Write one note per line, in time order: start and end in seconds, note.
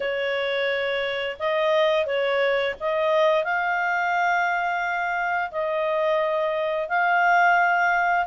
0.00 1.36 C#5
1.39 2.06 D#5
2.06 2.75 C#5
2.80 3.44 D#5
3.44 5.50 F5
5.51 6.88 D#5
6.88 8.26 F5